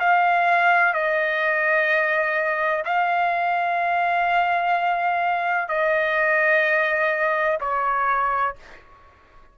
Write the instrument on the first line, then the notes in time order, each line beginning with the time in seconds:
trumpet
0.00 F5
0.94 D#5
2.85 F5
5.68 D#5
7.61 C#5